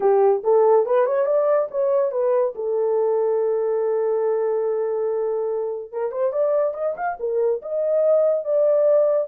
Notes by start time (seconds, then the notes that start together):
0.00 G4
0.43 A4
0.85 B4
1.06 C#5
1.26 D5
1.71 C#5
2.11 B4
2.55 A4
5.92 A#4
6.11 C5
6.32 D5
6.74 D#5
6.96 F5
7.19 A#4
7.62 D#5
8.44 D5